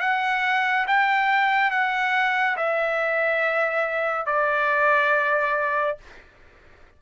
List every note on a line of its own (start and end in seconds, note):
0.00 0.86 F#5
0.87 1.71 G5
1.71 2.56 F#5
2.57 4.26 E5
4.26 5.97 D5